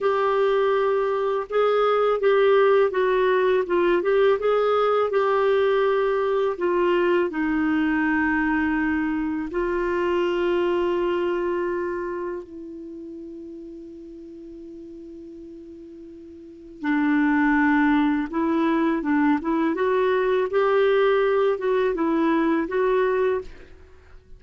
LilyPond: \new Staff \with { instrumentName = "clarinet" } { \time 4/4 \tempo 4 = 82 g'2 gis'4 g'4 | fis'4 f'8 g'8 gis'4 g'4~ | g'4 f'4 dis'2~ | dis'4 f'2.~ |
f'4 e'2.~ | e'2. d'4~ | d'4 e'4 d'8 e'8 fis'4 | g'4. fis'8 e'4 fis'4 | }